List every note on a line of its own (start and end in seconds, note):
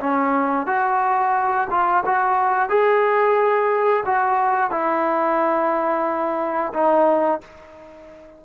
0.00 0.67 C#4
0.67 1.68 F#4
1.70 2.04 F4
2.06 2.69 F#4
2.69 4.04 G#4
4.06 4.71 F#4
4.71 6.73 E4
6.74 7.41 D#4